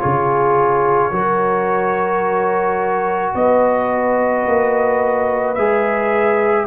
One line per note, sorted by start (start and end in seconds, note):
0.00 1.12 C#3
0.00 1.11 F4
0.00 1.12 G#4
0.00 3.34 C#5
1.12 3.34 F#3
1.12 5.56 F#4
1.12 3.36 A#4
3.35 4.46 B3
3.35 6.67 B4
3.35 5.55 D#5
4.47 5.58 A#3
5.55 6.67 G#3
5.55 6.67 G#4
5.55 6.66 E5